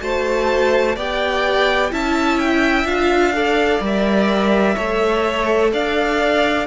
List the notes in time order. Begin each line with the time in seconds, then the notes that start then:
0.00 A3 F#4 C5 A5
0.95 B3 G4 D5 G5
1.91 C#4 E4 E5 A5
2.39 G5
2.84 D4 F4 F5
3.34 A4 D5
3.80 G3 A#4 E5
4.75 A3 A4 C#5
5.73 D4 D5 F5